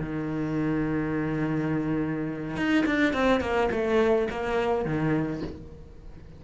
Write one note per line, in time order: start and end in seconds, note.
0.00 2.57 D#3
2.57 2.85 D#4
2.86 3.14 D4
3.14 3.41 C4
3.41 3.70 A#3
3.72 4.29 A3
4.30 4.85 A#3
4.85 5.42 D#3